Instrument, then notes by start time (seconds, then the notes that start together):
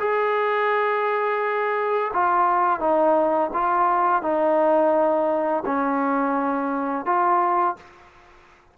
trombone
0.00 G#4
2.14 F4
2.80 D#4
3.54 F4
4.23 D#4
5.66 C#4
7.06 F4